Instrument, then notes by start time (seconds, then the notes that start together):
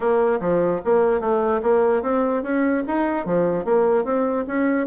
bassoon
0.00 A#3
0.40 F3
0.84 A#3
1.20 A3
1.62 A#3
2.02 C4
2.42 C#4
2.87 D#4
3.25 F3
3.64 A#3
4.04 C4
4.47 C#4